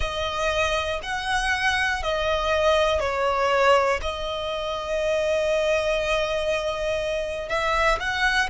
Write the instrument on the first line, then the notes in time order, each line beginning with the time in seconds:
violin
0.00 D#5
1.02 F#5
2.02 D#5
3.00 C#5
4.01 D#5
7.49 E5
8.00 F#5